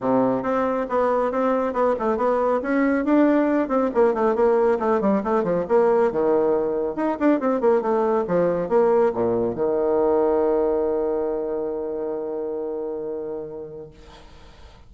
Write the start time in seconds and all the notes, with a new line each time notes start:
0.00 C3
0.42 C4
0.89 B3
1.31 C4
1.73 B3
1.99 A3
2.17 B3
2.62 C#4
3.04 D4
3.68 C4
3.94 A#3
4.14 A3
4.35 A#3
4.79 A3
5.00 G3
5.23 A3
5.43 F3
5.68 A#3
6.11 D#3
6.95 D#4
7.19 D4
7.39 C4
7.60 A#3
7.81 A3
8.27 F3
8.69 A#3
9.13 A#2
9.55 D#3